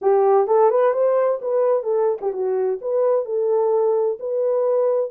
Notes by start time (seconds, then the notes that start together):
0.01 G4
0.47 A4
0.70 B4
0.93 C5
1.41 B4
1.83 A4
2.21 G4
2.32 F#4
2.81 B4
3.25 A4
4.19 B4